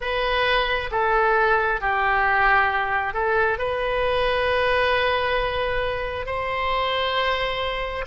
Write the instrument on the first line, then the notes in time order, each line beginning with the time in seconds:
oboe
0.00 B4
0.91 A4
1.81 G4
3.13 A4
3.58 B4
6.26 C5